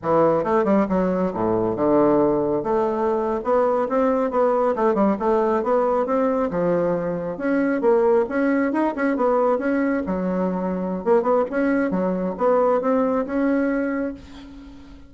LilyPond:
\new Staff \with { instrumentName = "bassoon" } { \time 4/4 \tempo 4 = 136 e4 a8 g8 fis4 a,4 | d2 a4.~ a16 b16~ | b8. c'4 b4 a8 g8 a16~ | a8. b4 c'4 f4~ f16~ |
f8. cis'4 ais4 cis'4 dis'16~ | dis'16 cis'8 b4 cis'4 fis4~ fis16~ | fis4 ais8 b8 cis'4 fis4 | b4 c'4 cis'2 | }